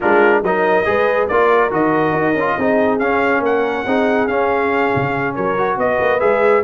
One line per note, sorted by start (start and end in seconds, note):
0.00 0.42 G#3
0.00 0.44 D4
0.00 0.42 F4
0.00 0.43 A#4
0.42 0.85 F#3
0.42 0.85 D#4
0.42 0.87 A#4
0.42 1.27 D#5
0.85 1.29 G#3
0.85 1.28 G#4
0.85 1.28 B4
1.27 1.71 A#3
1.27 1.70 F4
1.27 2.55 A#4
1.27 1.70 D5
1.70 2.12 D#3
1.70 2.34 F#4
1.70 2.99 D#5
2.12 2.34 D#4
2.34 2.55 C#4
2.34 2.59 F4
2.55 2.99 C4
2.55 3.00 D#4
2.55 3.41 G#4
2.99 3.39 C#4
2.99 3.85 C#4
2.99 3.42 F5
3.39 3.82 A#3
3.39 3.85 A#4
3.39 4.27 F#5
3.85 4.27 C4
3.85 4.29 D#4
3.85 5.34 G#4
4.27 4.91 C#4
4.27 5.57 C#4
4.27 5.34 F5
4.95 5.37 C#3
5.34 5.77 F#3
5.34 5.77 A#4
5.34 5.77 C#5
5.57 6.19 F#4
5.77 5.98 B3
5.77 6.63 B4
5.77 6.20 D#5
6.00 6.21 A#3
6.19 6.63 G#3
6.19 6.62 G#4
6.19 6.63 E5